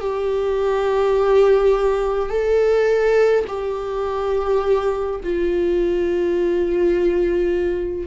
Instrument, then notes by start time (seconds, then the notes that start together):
viola
0.00 G4
2.29 A4
3.47 G4
5.23 F4